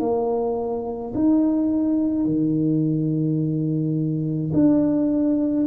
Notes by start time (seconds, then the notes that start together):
0.00 A#3
1.15 D#4
2.25 D#3
4.53 D4